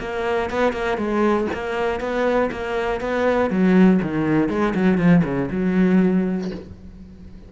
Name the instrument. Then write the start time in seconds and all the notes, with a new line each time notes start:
cello
0.00 A#3
0.50 B3
0.72 A#3
0.97 G#3
1.54 A#3
2.00 B3
2.51 A#3
3.00 B3
3.50 F#3
4.02 D#3
4.49 G#3
4.75 F#3
4.98 F3
5.24 C#3
5.51 F#3